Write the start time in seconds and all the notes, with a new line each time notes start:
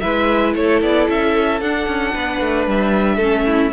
0.00 G#3 E4 B4 E5
0.55 A3 A4 C#5
0.82 B3 D5
1.09 C#4 E5
1.61 D4 F#5
1.87 C#4
2.14 B3 B4
2.40 A3
2.67 G3 E5
3.16 A3 A4
3.23 C#4
3.46 E4